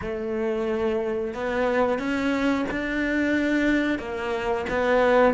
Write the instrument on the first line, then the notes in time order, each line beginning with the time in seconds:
cello
0.01 A3
1.34 B3
1.98 C#4
2.70 D4
3.98 A#3
4.69 B3